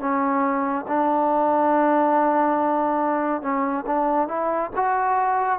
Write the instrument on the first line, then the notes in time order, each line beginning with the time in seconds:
trombone
0.00 C#4
0.88 D4
3.42 C#4
3.87 D4
4.28 E4
4.76 F#4